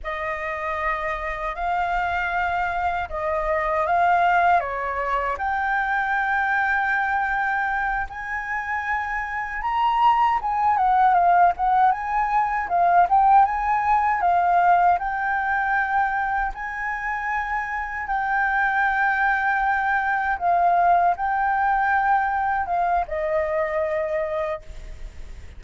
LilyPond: \new Staff \with { instrumentName = "flute" } { \time 4/4 \tempo 4 = 78 dis''2 f''2 | dis''4 f''4 cis''4 g''4~ | g''2~ g''8 gis''4.~ | gis''8 ais''4 gis''8 fis''8 f''8 fis''8 gis''8~ |
gis''8 f''8 g''8 gis''4 f''4 g''8~ | g''4. gis''2 g''8~ | g''2~ g''8 f''4 g''8~ | g''4. f''8 dis''2 | }